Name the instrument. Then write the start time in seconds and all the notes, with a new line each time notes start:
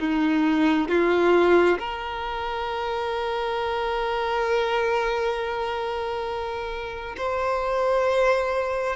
violin
0.00 D#4
0.89 F4
1.79 A#4
7.18 C5